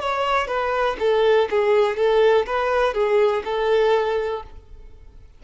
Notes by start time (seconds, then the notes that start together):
0.00 C#5
0.47 B4
0.99 A4
1.50 G#4
1.96 A4
2.46 B4
2.94 G#4
3.44 A4